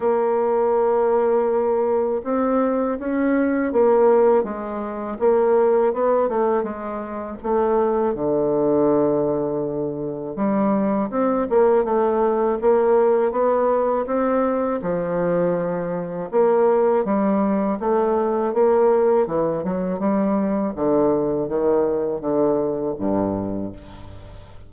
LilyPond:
\new Staff \with { instrumentName = "bassoon" } { \time 4/4 \tempo 4 = 81 ais2. c'4 | cis'4 ais4 gis4 ais4 | b8 a8 gis4 a4 d4~ | d2 g4 c'8 ais8 |
a4 ais4 b4 c'4 | f2 ais4 g4 | a4 ais4 e8 fis8 g4 | d4 dis4 d4 g,4 | }